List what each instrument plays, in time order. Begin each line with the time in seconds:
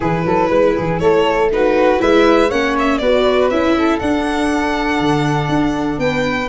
0.00 tuba E3, viola E4, flute G#4, violin B4
0.25 tuba F#3, flute A4
0.48 tuba G#3, flute B4
0.76 tuba E3, flute G#4
0.99 tuba A3, flute A4, violin C#5
1.51 viola D#4, flute F#4, violin B4
1.98 tuba G#3, viola E4, flute B4, violin E5
2.49 tuba A#3, viola C#4, flute C#5, violin F#5
2.78 violin E5
2.98 tuba B3, viola F#4, flute B4, violin D5
3.50 tuba C#4, viola E4, violin E5
3.77 flute A4
3.99 tuba D4, viola D4, violin F#5
5.00 tuba D3
5.49 tuba D4
5.98 tuba B3, flute B4, violin G5